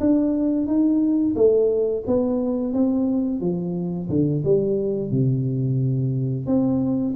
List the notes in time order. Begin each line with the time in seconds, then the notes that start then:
0.00 D4
0.67 D#4
1.35 A3
2.07 B3
2.73 C4
3.41 F3
4.09 D3
4.44 G3
5.10 C3
6.46 C4